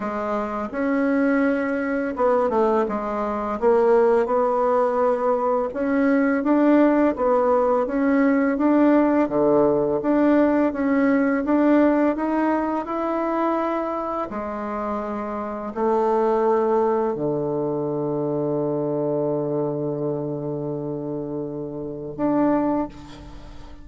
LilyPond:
\new Staff \with { instrumentName = "bassoon" } { \time 4/4 \tempo 4 = 84 gis4 cis'2 b8 a8 | gis4 ais4 b2 | cis'4 d'4 b4 cis'4 | d'4 d4 d'4 cis'4 |
d'4 dis'4 e'2 | gis2 a2 | d1~ | d2. d'4 | }